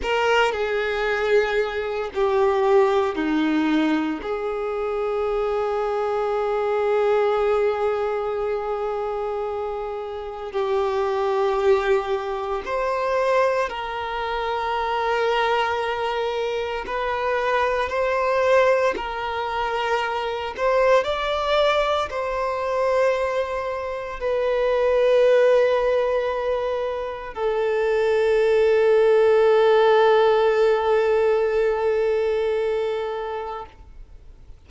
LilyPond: \new Staff \with { instrumentName = "violin" } { \time 4/4 \tempo 4 = 57 ais'8 gis'4. g'4 dis'4 | gis'1~ | gis'2 g'2 | c''4 ais'2. |
b'4 c''4 ais'4. c''8 | d''4 c''2 b'4~ | b'2 a'2~ | a'1 | }